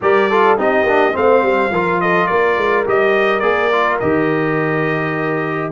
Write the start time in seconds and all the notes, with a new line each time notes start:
0.01 G3 G4 A#4 D5
0.30 F4 A4
0.57 C4 D#4 G4 D#5
0.83 A#3 D4
1.12 A3 C4 C5 F5
1.42 G3
1.70 F3 F4 A#4
2.00 A4 D#5
2.26 A#3 A#4 D5
2.57 G#3
2.86 G3 G4 D#5
3.39 A#3 G#4 D5
3.72 F4
3.99 D#3 G4 D#5